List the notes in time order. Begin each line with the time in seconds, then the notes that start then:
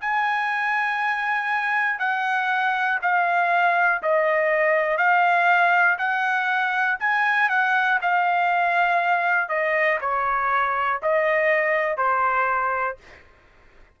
0.00 G#5
1.99 F#5
3.01 F5
4.02 D#5
4.97 F5
5.98 F#5
7.00 G#5
7.49 F#5
8.01 F5
9.48 D#5
10.00 C#5
11.02 D#5
11.97 C5